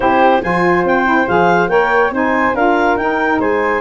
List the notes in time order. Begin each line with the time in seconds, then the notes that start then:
0.00 C4 E4 G4 C5
0.41 F3 F4 C5 G#5
0.84 C4 G5
1.05 E4
1.28 F3 G#4 F5
1.68 A#3 A#4 C#5 G5
2.10 C4 D#4 C5 G#5
2.53 D4 F4 A#4 F5
2.96 D#4 G5
3.39 G#3 C5 G#5